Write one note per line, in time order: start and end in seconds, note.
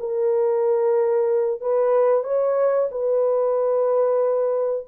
0.00 1.61 A#4
1.61 2.24 B4
2.24 2.89 C#5
2.92 4.87 B4